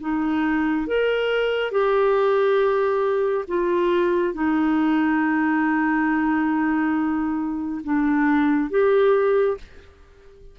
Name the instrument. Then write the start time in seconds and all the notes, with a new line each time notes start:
clarinet
0.00 D#4
0.87 A#4
1.71 G4
3.47 F4
4.34 D#4
7.83 D4
8.70 G4